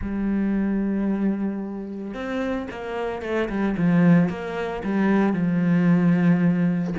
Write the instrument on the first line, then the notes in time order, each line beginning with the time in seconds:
cello
0.01 G3
2.14 C4
2.70 A#3
3.21 A3
3.49 G3
3.77 F3
4.29 A#3
4.83 G3
5.33 F3